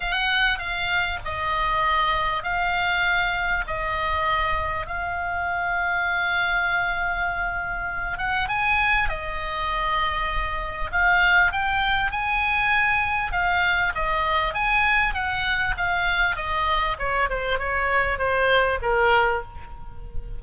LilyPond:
\new Staff \with { instrumentName = "oboe" } { \time 4/4 \tempo 4 = 99 fis''4 f''4 dis''2 | f''2 dis''2 | f''1~ | f''4. fis''8 gis''4 dis''4~ |
dis''2 f''4 g''4 | gis''2 f''4 dis''4 | gis''4 fis''4 f''4 dis''4 | cis''8 c''8 cis''4 c''4 ais'4 | }